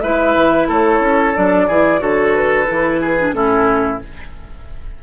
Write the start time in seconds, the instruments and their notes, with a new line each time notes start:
0.00 bassoon G#3, clarinet E4, oboe B4, flute E5
0.35 bassoon E3
0.68 bassoon A3, oboe A4, flute C#5
0.99 bassoon C#4
1.35 bassoon F#3, clarinet D4, flute D5
1.67 bassoon E3, clarinet E4, oboe G#4
1.98 bassoon D3, clarinet F#4, oboe A4, flute C#5
2.35 flute B4
2.67 bassoon E3, clarinet E4
3.01 oboe G#4
3.19 clarinet D4
3.33 bassoon A2, clarinet C#4, oboe E4, flute A4